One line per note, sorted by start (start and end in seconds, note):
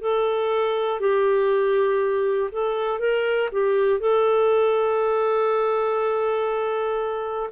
0.00 1.00 A4
1.00 2.50 G4
2.51 2.99 A4
2.99 3.49 A#4
3.51 4.00 G4
4.00 7.50 A4